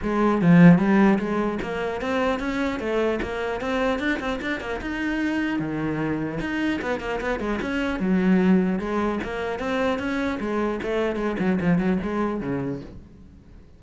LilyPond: \new Staff \with { instrumentName = "cello" } { \time 4/4 \tempo 4 = 150 gis4 f4 g4 gis4 | ais4 c'4 cis'4 a4 | ais4 c'4 d'8 c'8 d'8 ais8 | dis'2 dis2 |
dis'4 b8 ais8 b8 gis8 cis'4 | fis2 gis4 ais4 | c'4 cis'4 gis4 a4 | gis8 fis8 f8 fis8 gis4 cis4 | }